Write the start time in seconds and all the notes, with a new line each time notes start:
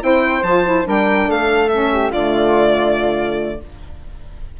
0.00 C4 E4 C5 G5
0.42 F3 F4 A5
0.65 E4
0.84 G3 D4 A#4 G5
1.27 A3 A4 F5
1.68 C#4 E5
1.92 G4
2.11 D3 A3 F4 D5